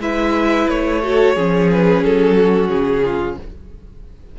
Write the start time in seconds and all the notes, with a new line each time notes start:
0.00 G#3 E4 B4 E5
0.69 A3 C#5
1.03 F#4 A4
1.36 F3 C#4 G#4
1.72 B4
2.04 F#3 A4
2.37 F#4
2.69 C#3 G#4
3.05 F4